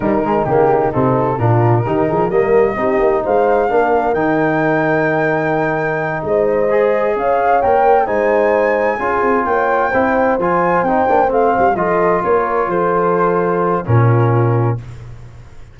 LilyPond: <<
  \new Staff \with { instrumentName = "flute" } { \time 4/4 \tempo 4 = 130 ais'4 g'4 a'4 ais'4~ | ais'4 dis''2 f''4~ | f''4 g''2.~ | g''4. dis''2 f''8~ |
f''8 g''4 gis''2~ gis''8~ | gis''8 g''2 gis''4 g''8~ | g''8 f''4 dis''4 cis''4 c''8~ | c''2 ais'2 | }
  \new Staff \with { instrumentName = "horn" } { \time 4/4 dis'2. f'4 | g'8 gis'8 ais'4 g'4 c''4 | ais'1~ | ais'4. c''2 cis''8~ |
cis''4. c''2 gis'8~ | gis'8 cis''4 c''2~ c''8~ | c''4. a'4 ais'4 a'8~ | a'2 f'2 | }
  \new Staff \with { instrumentName = "trombone" } { \time 4/4 g8 gis8 ais4 c'4 d'4 | dis'4 ais4 dis'2 | d'4 dis'2.~ | dis'2~ dis'8 gis'4.~ |
gis'8 ais'4 dis'2 f'8~ | f'4. e'4 f'4 dis'8 | d'8 c'4 f'2~ f'8~ | f'2 cis'2 | }
  \new Staff \with { instrumentName = "tuba" } { \time 4/4 dis4 cis4 c4 ais,4 | dis8 f8 g4 c'8 ais8 gis4 | ais4 dis2.~ | dis4. gis2 cis'8~ |
cis'8 ais4 gis2 cis'8 | c'8 ais4 c'4 f4 c'8 | ais8 a8 g8 f4 ais4 f8~ | f2 ais,2 | }
>>